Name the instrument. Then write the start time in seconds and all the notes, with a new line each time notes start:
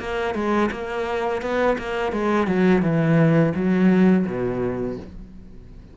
cello
0.00 A#3
0.34 G#3
0.71 A#3
1.42 B3
1.78 A#3
2.12 G#3
2.47 F#3
2.82 E3
3.55 F#3
4.26 B2